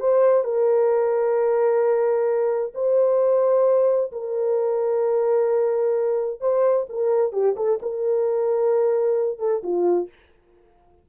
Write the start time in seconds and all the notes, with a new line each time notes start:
0.00 C5
0.44 A#4
2.74 C5
4.12 A#4
6.40 C5
6.89 A#4
7.32 G4
7.56 A4
7.82 A#4
9.39 A4
9.63 F4